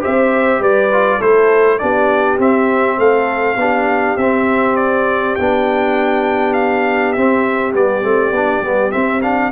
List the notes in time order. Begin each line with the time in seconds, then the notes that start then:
0.00 G4 C5 E5
0.06 C4
0.60 G3 B4 D5
0.93 F4
1.18 A3 E4 A4 C5
1.79 B3 D4 G4 D5
2.39 C4 E5
2.98 A3 A4 F5
3.56 B3 D4 G4
4.17 C4 E5
4.76 D5
5.36 B3 D4 G5
6.54 F5
7.13 C4 E5
7.73 G3 B3 D5
8.03 A3 C4
8.32 B3 D4
8.62 G3 B3
8.91 C4 E5
9.22 D4 F5